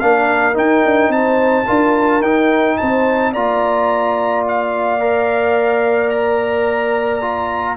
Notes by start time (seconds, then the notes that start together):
0.00 A#3 D4 A#4 F5
0.54 D#4 G5
0.85 D4
1.09 C4 C5 A5
1.66 D4 F4 A#4
2.21 D#4 G5
2.77 C4 C5 A5
3.33 A#3 F4 D5 A#5
4.48 F5
5.00 A#4
6.10 A#5
7.22 F4